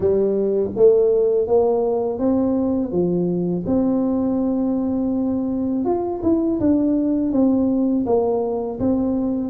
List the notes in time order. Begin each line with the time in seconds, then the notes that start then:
0.00 G3
0.75 A3
1.47 A#3
2.18 C4
2.91 F3
3.66 C4
5.84 F4
6.23 E4
6.60 D4
7.32 C4
8.06 A#3
8.79 C4